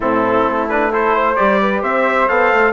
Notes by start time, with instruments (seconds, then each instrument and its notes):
0.00 bassoon A2, trombone C4, flute E4, trumpet A4
0.45 bassoon A3
0.68 trombone D4, trumpet B4
0.92 trombone E4, flute A4, trumpet C5
1.14 flute C5
1.35 bassoon G3, trombone G4, trumpet D5
1.60 flute B4
1.81 bassoon C4, flute C5, trumpet E5
2.28 bassoon B3, trombone A4, trumpet F5
2.52 bassoon A3